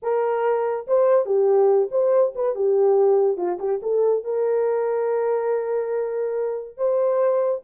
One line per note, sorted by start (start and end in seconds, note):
0.02 0.86 A#4
0.87 1.25 C5
1.25 1.88 G4
1.91 2.33 C5
2.35 2.55 B4
2.55 3.37 G4
3.37 3.58 F4
3.59 3.80 G4
3.82 4.23 A4
4.23 6.77 A#4
6.77 7.61 C5